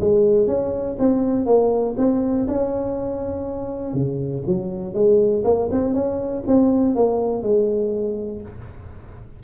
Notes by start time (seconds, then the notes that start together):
0.00 G#3
0.47 C#4
0.99 C4
1.46 A#3
1.97 C4
2.47 C#4
3.93 C#3
4.46 F#3
4.94 G#3
5.44 A#3
5.71 C4
5.94 C#4
6.47 C4
6.95 A#3
7.42 G#3